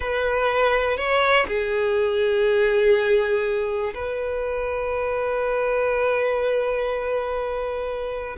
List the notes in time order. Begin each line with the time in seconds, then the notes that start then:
0.00 B4
0.97 C#5
1.47 G#4
3.94 B4